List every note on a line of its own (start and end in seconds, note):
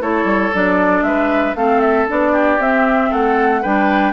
0.00 0.24 A3
0.00 0.52 E4
0.00 1.05 A4
0.00 0.54 C#5
0.24 0.50 G3
0.53 1.02 F#3
0.53 1.56 D4
0.53 1.03 D5
1.02 1.54 G#3
1.02 1.57 B4
1.02 1.55 E5
1.55 2.07 A3
1.55 2.08 C4
1.55 2.32 A4
1.55 1.81 F5
1.81 2.07 E5
2.08 2.58 B3
2.08 2.60 D4
2.08 2.61 D5
2.32 3.10 G4
2.58 3.10 C4
2.58 3.63 C4
2.58 3.13 E5
3.10 3.64 A3
3.10 3.61 A4
3.10 3.62 F#5
3.62 4.13 G3
3.62 4.13 D4
3.62 4.13 B4
3.62 4.13 G5